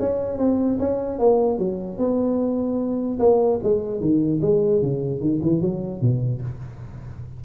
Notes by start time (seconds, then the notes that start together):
0.00 C#4
0.38 C4
0.80 C#4
1.19 A#3
1.59 F#3
1.98 B3
3.20 A#3
3.63 G#3
4.00 D#3
4.42 G#3
4.82 C#3
5.21 D#3
5.43 E3
5.61 F#3
6.01 B2